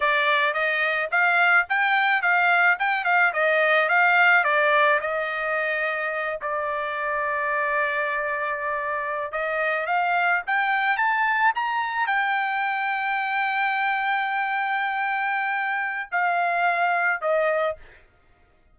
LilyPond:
\new Staff \with { instrumentName = "trumpet" } { \time 4/4 \tempo 4 = 108 d''4 dis''4 f''4 g''4 | f''4 g''8 f''8 dis''4 f''4 | d''4 dis''2~ dis''8 d''8~ | d''1~ |
d''8. dis''4 f''4 g''4 a''16~ | a''8. ais''4 g''2~ g''16~ | g''1~ | g''4 f''2 dis''4 | }